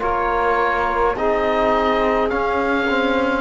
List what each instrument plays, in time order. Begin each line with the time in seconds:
0.00 cello A#3, trombone F4, saxophone A#4, oboe C#5
1.14 cello C4, trombone D#4, saxophone G#4, oboe D#5
2.30 trombone C#4, cello C#4, oboe F5
2.89 trombone C4